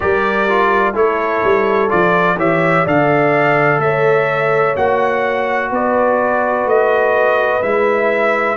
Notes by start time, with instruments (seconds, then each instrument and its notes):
0.00 tuba G3, trombone G4, horn A#4, trumpet D5
0.48 trombone F4
0.94 tuba A3, trombone E4, horn A4, trumpet C#5
1.43 tuba G3
1.88 tuba F3, trombone F4, trumpet D5
2.37 tuba E3, trombone G4, horn C#5, trumpet E5
2.85 tuba D3, trombone A4, horn D5, trumpet F5
3.78 tuba A3, horn C#5, trumpet E5
4.76 tuba A#3, trombone F#4, trumpet F#5
5.70 tuba B3, horn B4, trumpet D5
6.65 tuba A3, trumpet D#5
7.62 tuba G#3, trombone E4, trumpet E5